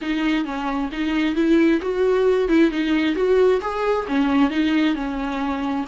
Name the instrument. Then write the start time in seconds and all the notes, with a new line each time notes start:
viola
0.01 D#4
0.44 C#4
0.91 D#4
1.35 E4
1.81 F#4
2.48 E4
2.70 D#4
3.15 F#4
3.61 G#4
4.07 C#4
4.50 D#4
4.95 C#4